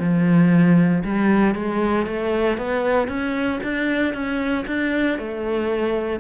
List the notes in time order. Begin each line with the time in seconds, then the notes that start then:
0.00 F3
1.04 G3
1.55 G#3
2.07 A3
2.58 B3
3.08 C#4
3.63 D4
4.14 C#4
4.67 D4
5.19 A3